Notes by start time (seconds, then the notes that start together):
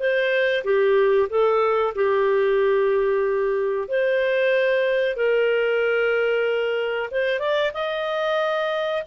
0.00 C5
0.65 G4
1.30 A4
1.96 G4
3.89 C5
5.17 A#4
7.12 C5
7.40 D5
7.74 D#5